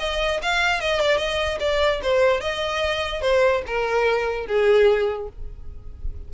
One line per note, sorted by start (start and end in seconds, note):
0.00 0.41 D#5
0.42 0.81 F5
0.81 1.01 D#5
1.01 1.18 D5
1.18 1.58 D#5
1.60 2.01 D5
2.03 2.41 C5
2.41 3.22 D#5
3.22 3.63 C5
3.67 4.47 A#4
4.47 5.29 G#4